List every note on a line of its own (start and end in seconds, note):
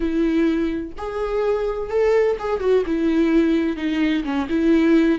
0.00 0.92 E4
0.97 1.89 G#4
1.89 2.36 A4
2.39 2.59 G#4
2.59 2.83 F#4
2.85 3.76 E4
3.76 4.23 D#4
4.24 4.47 C#4
4.49 5.18 E4